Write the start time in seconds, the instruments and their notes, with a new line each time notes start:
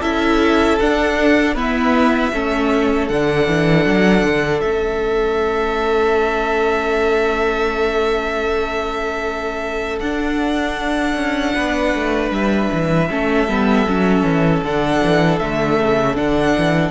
0.00 cello C#4, viola E4, violin A4 E5
0.79 viola D4, cello D4, violin F#5
1.54 viola B3, cello E4, violin B4 E5
2.32 cello A3, viola C#4, violin A4
3.08 cello D3, viola D4, violin F#5
3.47 cello E3
3.85 cello F#3
4.22 cello D3
4.60 cello A3, viola C#4, violin E5
10.00 cello D4, viola D4, violin F#5
11.15 cello C#4
11.54 cello B3, violin B4
11.94 cello A3
12.30 cello G3, violin E5
12.72 cello E3
13.09 cello A3, viola C#4, violin A4
13.48 cello G3, viola B3
13.87 cello F#3, viola C#4
14.23 cello E3
14.62 cello D3, viola D4, violin F#5
15.03 cello E3
15.38 cello D3, viola A3, violin E5
15.79 cello C#3
16.14 cello D3, viola D4, violin F#5
16.58 cello E3